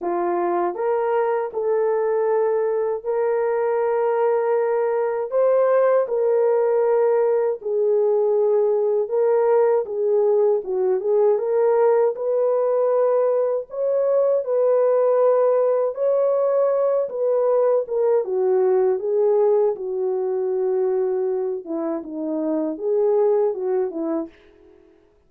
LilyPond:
\new Staff \with { instrumentName = "horn" } { \time 4/4 \tempo 4 = 79 f'4 ais'4 a'2 | ais'2. c''4 | ais'2 gis'2 | ais'4 gis'4 fis'8 gis'8 ais'4 |
b'2 cis''4 b'4~ | b'4 cis''4. b'4 ais'8 | fis'4 gis'4 fis'2~ | fis'8 e'8 dis'4 gis'4 fis'8 e'8 | }